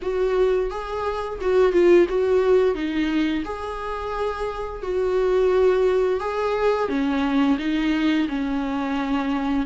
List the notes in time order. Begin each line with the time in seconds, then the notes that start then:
0.02 F#4
0.70 G#4
1.41 F#4
1.72 F4
2.08 F#4
2.74 D#4
3.44 G#4
4.82 F#4
6.19 G#4
6.88 C#4
7.58 D#4
8.28 C#4